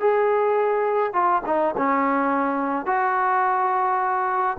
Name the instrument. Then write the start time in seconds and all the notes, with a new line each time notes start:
trombone
0.00 G#4
1.13 F4
1.46 D#4
1.77 C#4
2.86 F#4